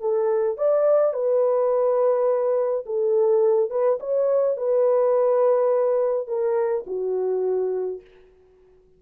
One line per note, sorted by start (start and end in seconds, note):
0.00 0.57 A4
0.57 1.14 D5
1.14 2.85 B4
2.86 3.70 A4
3.70 3.99 B4
4.00 4.57 C#5
4.57 6.28 B4
6.28 6.85 A#4
6.86 8.01 F#4